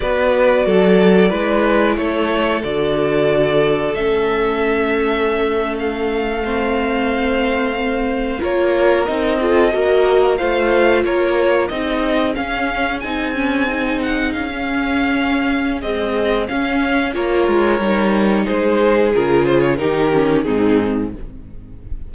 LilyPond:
<<
  \new Staff \with { instrumentName = "violin" } { \time 4/4 \tempo 4 = 91 d''2. cis''4 | d''2 e''2~ | e''8. f''2.~ f''16~ | f''8. cis''4 dis''2 f''16~ |
f''8. cis''4 dis''4 f''4 gis''16~ | gis''4~ gis''16 fis''8 f''2~ f''16 | dis''4 f''4 cis''2 | c''4 ais'8 c''16 cis''16 ais'4 gis'4 | }
  \new Staff \with { instrumentName = "violin" } { \time 4/4 b'4 a'4 b'4 a'4~ | a'1~ | a'4.~ a'16 c''2~ c''16~ | c''8. ais'4. a'8 ais'4 c''16~ |
c''8. ais'4 gis'2~ gis'16~ | gis'1~ | gis'2 ais'2 | gis'2 g'4 dis'4 | }
  \new Staff \with { instrumentName = "viola" } { \time 4/4 fis'2 e'2 | fis'2 cis'2~ | cis'4.~ cis'16 c'2~ c'16~ | c'8. f'4 dis'8 f'8 fis'4 f'16~ |
f'4.~ f'16 dis'4 cis'4 dis'16~ | dis'16 cis'8 dis'4~ dis'16 cis'2 | gis4 cis'4 f'4 dis'4~ | dis'4 f'4 dis'8 cis'8 c'4 | }
  \new Staff \with { instrumentName = "cello" } { \time 4/4 b4 fis4 gis4 a4 | d2 a2~ | a1~ | a8. ais4 c'4 ais4 a16~ |
a8. ais4 c'4 cis'4 c'16~ | c'4.~ c'16 cis'2~ cis'16 | c'4 cis'4 ais8 gis8 g4 | gis4 cis4 dis4 gis,4 | }
>>